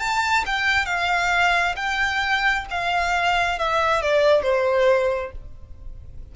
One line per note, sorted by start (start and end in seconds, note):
0.00 0.45 A5
0.46 0.86 G5
0.86 1.76 F5
1.76 2.66 G5
2.71 3.59 F5
3.59 4.03 E5
4.03 4.42 D5
4.42 5.32 C5